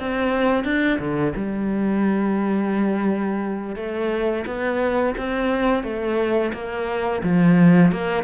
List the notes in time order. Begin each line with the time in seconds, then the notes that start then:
0.00 C4
0.65 D4
0.99 D3
1.36 G3
3.76 A3
4.46 B3
5.18 C4
5.84 A3
6.54 A#3
7.24 F3
7.92 A#3